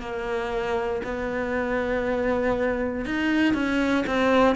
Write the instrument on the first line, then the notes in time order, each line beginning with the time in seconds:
cello
0.00 A#3
1.04 B3
3.05 D#4
3.54 C#4
4.06 C4